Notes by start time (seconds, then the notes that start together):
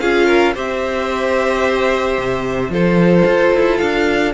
0.00 C#4 F4 G#4 F5
0.25 A#4
0.54 C4 G4 C5 E5
2.18 C3
2.69 F3 F4 A4 C5
3.26 F4
3.54 E4
3.78 D4 F5